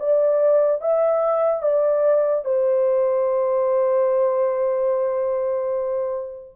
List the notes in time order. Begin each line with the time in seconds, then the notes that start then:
0.00 D5
0.81 E5
1.63 D5
2.45 C5